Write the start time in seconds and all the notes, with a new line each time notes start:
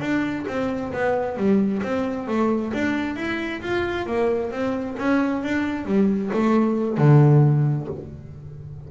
0.00 D4
0.48 C4
0.93 B3
1.37 G3
1.83 C4
2.28 A3
2.73 D4
3.16 E4
3.62 F4
4.07 A#3
4.51 C4
4.98 C#4
5.43 D4
5.85 G3
6.33 A3
6.98 D3